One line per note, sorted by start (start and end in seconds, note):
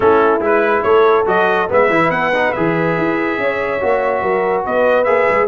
0.00 0.40 A3
0.00 0.40 C#4
0.00 0.85 E4
0.00 0.42 A4
0.40 0.82 G#3
0.40 1.25 E4
0.40 0.82 B4
0.82 1.26 A3
0.82 1.70 A4
0.82 1.25 C#5
1.25 1.68 F#3
1.25 1.67 F#4
1.25 1.69 D#5
1.68 1.89 G#3
1.68 1.89 B3
1.68 3.39 B4
1.68 2.10 E5
1.89 2.09 E3
1.89 2.33 E4
2.09 2.52 B3
2.09 2.52 F#5
2.33 2.55 D#4
2.52 2.97 E3
2.52 3.80 G#4
2.52 4.63 E5
2.97 3.37 E4
3.37 3.79 C#4
3.37 4.22 C#5
3.80 4.22 A#3
3.80 5.05 F#4
4.22 4.64 F#3
4.22 4.64 A#4
4.64 5.06 B3
4.64 5.48 B4
4.64 5.04 D#5
5.04 5.27 A#3
5.04 5.47 G#4
5.04 5.46 E5
5.29 5.48 G#3